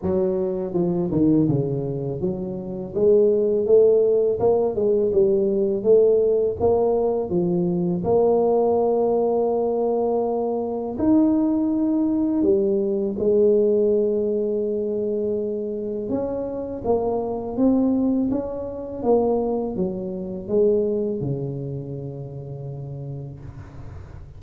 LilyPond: \new Staff \with { instrumentName = "tuba" } { \time 4/4 \tempo 4 = 82 fis4 f8 dis8 cis4 fis4 | gis4 a4 ais8 gis8 g4 | a4 ais4 f4 ais4~ | ais2. dis'4~ |
dis'4 g4 gis2~ | gis2 cis'4 ais4 | c'4 cis'4 ais4 fis4 | gis4 cis2. | }